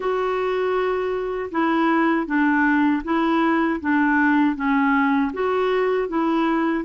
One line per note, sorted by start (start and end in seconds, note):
0.00 1.50 F#4
1.51 2.26 E4
2.26 3.02 D4
3.03 3.79 E4
3.80 4.55 D4
4.55 5.31 C#4
5.33 6.08 F#4
6.08 6.84 E4